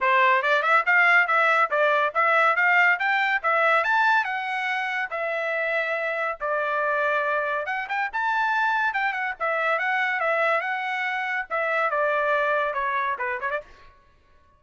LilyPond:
\new Staff \with { instrumentName = "trumpet" } { \time 4/4 \tempo 4 = 141 c''4 d''8 e''8 f''4 e''4 | d''4 e''4 f''4 g''4 | e''4 a''4 fis''2 | e''2. d''4~ |
d''2 fis''8 g''8 a''4~ | a''4 g''8 fis''8 e''4 fis''4 | e''4 fis''2 e''4 | d''2 cis''4 b'8 cis''16 d''16 | }